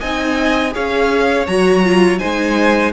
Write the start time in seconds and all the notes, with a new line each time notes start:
0.00 C4 D#4 D#5 G#5
0.71 C#4 G#4 C#5 F5
1.46 F#3 F#4 A#5
1.83 F4
2.18 G#3 D#4 C5 G#5